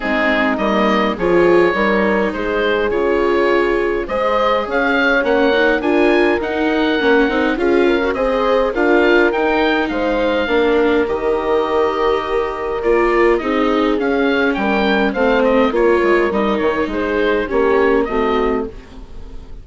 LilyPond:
<<
  \new Staff \with { instrumentName = "oboe" } { \time 4/4 \tempo 4 = 103 gis'4 dis''4 cis''2 | c''4 cis''2 dis''4 | f''4 fis''4 gis''4 fis''4~ | fis''4 f''4 dis''4 f''4 |
g''4 f''2 dis''4~ | dis''2 d''4 dis''4 | f''4 g''4 f''8 dis''8 cis''4 | dis''8 cis''8 c''4 cis''4 dis''4 | }
  \new Staff \with { instrumentName = "horn" } { \time 4/4 dis'2 gis'4 ais'4 | gis'2. c''4 | cis''2 ais'2~ | ais'4 gis'8 ais'8 c''4 ais'4~ |
ais'4 c''4 ais'2~ | ais'2. gis'4~ | gis'4 ais'4 c''4 ais'4~ | ais'4 gis'4 g'4 fis'4 | }
  \new Staff \with { instrumentName = "viola" } { \time 4/4 c'4 ais4 f'4 dis'4~ | dis'4 f'2 gis'4~ | gis'4 cis'8 dis'8 f'4 dis'4 | cis'8 dis'8 f'8. fis'16 gis'4 f'4 |
dis'2 d'4 g'4~ | g'2 f'4 dis'4 | cis'2 c'4 f'4 | dis'2 cis'4 c'4 | }
  \new Staff \with { instrumentName = "bassoon" } { \time 4/4 gis4 g4 f4 g4 | gis4 cis2 gis4 | cis'4 ais4 d'4 dis'4 | ais8 c'8 cis'4 c'4 d'4 |
dis'4 gis4 ais4 dis4~ | dis2 ais4 c'4 | cis'4 g4 a4 ais8 gis8 | g8 dis8 gis4 ais4 a4 | }
>>